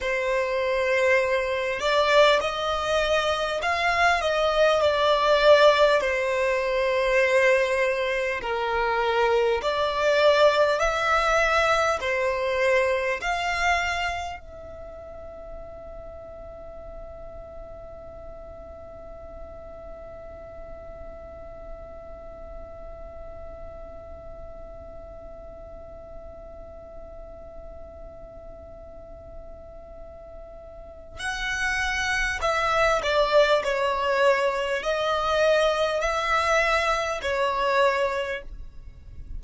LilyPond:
\new Staff \with { instrumentName = "violin" } { \time 4/4 \tempo 4 = 50 c''4. d''8 dis''4 f''8 dis''8 | d''4 c''2 ais'4 | d''4 e''4 c''4 f''4 | e''1~ |
e''1~ | e''1~ | e''2 fis''4 e''8 d''8 | cis''4 dis''4 e''4 cis''4 | }